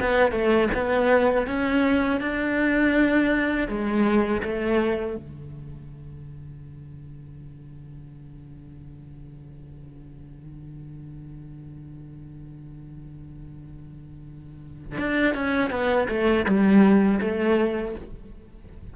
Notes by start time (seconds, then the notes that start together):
0.00 B3
0.32 A3
0.74 B3
1.47 C#4
2.21 D4
3.68 G#3
4.43 A3
5.16 D3
14.98 D4
15.34 C#4
15.70 B3
16.08 A3
16.46 G3
17.21 A3